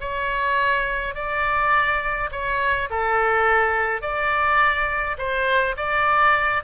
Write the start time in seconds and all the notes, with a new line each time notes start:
0.00 C#5
1.14 D5
2.31 C#5
2.90 A4
4.01 D5
5.17 C5
5.76 D5